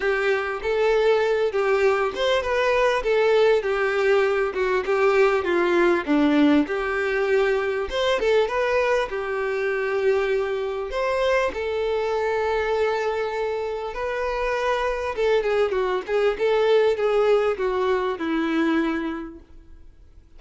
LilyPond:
\new Staff \with { instrumentName = "violin" } { \time 4/4 \tempo 4 = 99 g'4 a'4. g'4 c''8 | b'4 a'4 g'4. fis'8 | g'4 f'4 d'4 g'4~ | g'4 c''8 a'8 b'4 g'4~ |
g'2 c''4 a'4~ | a'2. b'4~ | b'4 a'8 gis'8 fis'8 gis'8 a'4 | gis'4 fis'4 e'2 | }